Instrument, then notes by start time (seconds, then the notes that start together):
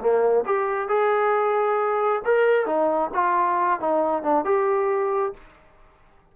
trombone
0.00 A#3
0.46 G4
0.88 G#4
2.25 A#4
2.66 D#4
3.14 F4
3.80 D#4
4.23 D4
4.45 G4